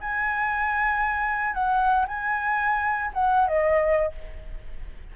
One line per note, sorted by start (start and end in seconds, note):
0.00 1.54 G#5
1.54 2.05 F#5
2.08 3.11 G#5
3.13 3.47 F#5
3.47 4.12 D#5